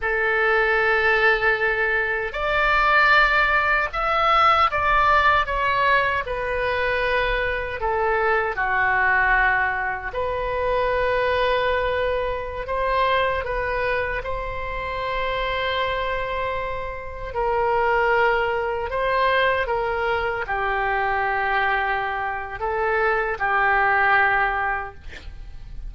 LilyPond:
\new Staff \with { instrumentName = "oboe" } { \time 4/4 \tempo 4 = 77 a'2. d''4~ | d''4 e''4 d''4 cis''4 | b'2 a'4 fis'4~ | fis'4 b'2.~ |
b'16 c''4 b'4 c''4.~ c''16~ | c''2~ c''16 ais'4.~ ais'16~ | ais'16 c''4 ais'4 g'4.~ g'16~ | g'4 a'4 g'2 | }